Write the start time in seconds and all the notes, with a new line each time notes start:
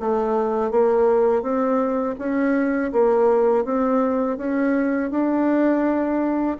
0.00 A3
0.71 A#3
1.43 C4
2.19 C#4
2.93 A#3
3.65 C4
4.38 C#4
5.11 D4